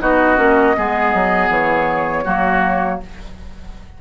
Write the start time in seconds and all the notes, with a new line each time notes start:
0.00 B3 D#4 F#4 D#5
0.37 A#3 C#4
0.77 G#3 B3 G#4
1.14 F#3
1.49 E3 C#5
2.24 F#3 A#3 F#4